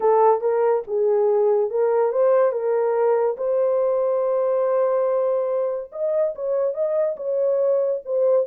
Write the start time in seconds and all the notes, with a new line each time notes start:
0.00 A4
0.40 A#4
0.87 G#4
1.70 A#4
2.12 C5
2.52 A#4
3.37 C5
5.92 D#5
6.35 C#5
6.74 D#5
7.16 C#5
8.05 C5